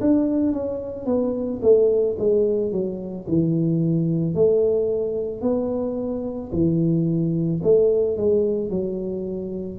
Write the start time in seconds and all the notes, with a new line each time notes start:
0.00 D4
0.53 C#4
1.06 B3
1.62 A3
2.18 G#3
2.71 F#3
3.27 E3
4.34 A3
5.41 B3
6.52 E3
7.63 A3
8.17 G#3
8.70 F#3